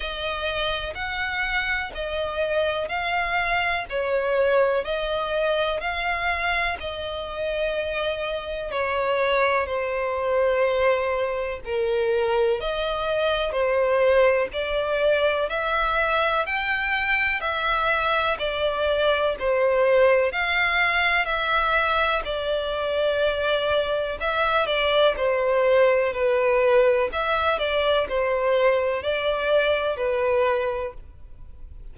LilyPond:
\new Staff \with { instrumentName = "violin" } { \time 4/4 \tempo 4 = 62 dis''4 fis''4 dis''4 f''4 | cis''4 dis''4 f''4 dis''4~ | dis''4 cis''4 c''2 | ais'4 dis''4 c''4 d''4 |
e''4 g''4 e''4 d''4 | c''4 f''4 e''4 d''4~ | d''4 e''8 d''8 c''4 b'4 | e''8 d''8 c''4 d''4 b'4 | }